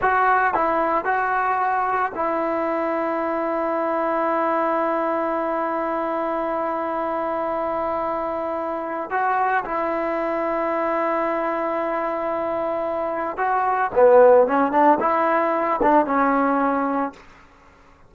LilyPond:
\new Staff \with { instrumentName = "trombone" } { \time 4/4 \tempo 4 = 112 fis'4 e'4 fis'2 | e'1~ | e'1~ | e'1~ |
e'4 fis'4 e'2~ | e'1~ | e'4 fis'4 b4 cis'8 d'8 | e'4. d'8 cis'2 | }